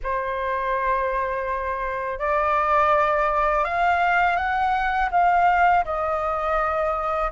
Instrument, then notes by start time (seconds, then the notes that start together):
flute
0.03 C5
2.19 D5
3.64 F5
4.36 F#5
5.11 F5
5.84 D#5